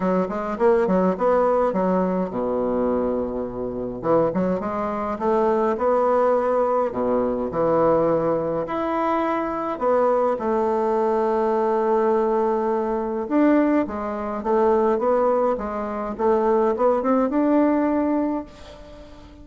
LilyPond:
\new Staff \with { instrumentName = "bassoon" } { \time 4/4 \tempo 4 = 104 fis8 gis8 ais8 fis8 b4 fis4 | b,2. e8 fis8 | gis4 a4 b2 | b,4 e2 e'4~ |
e'4 b4 a2~ | a2. d'4 | gis4 a4 b4 gis4 | a4 b8 c'8 d'2 | }